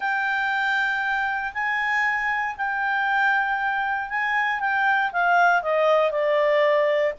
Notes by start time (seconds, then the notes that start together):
0.00 G5
1.53 G#5
2.57 G5
4.09 G#5
4.59 G5
5.12 F5
5.62 D#5
6.11 D5